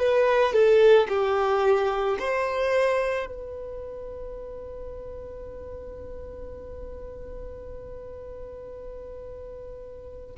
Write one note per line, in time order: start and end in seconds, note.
0.00 0.54 B4
0.54 1.08 A4
1.09 2.18 G4
2.20 3.27 C5
3.27 10.36 B4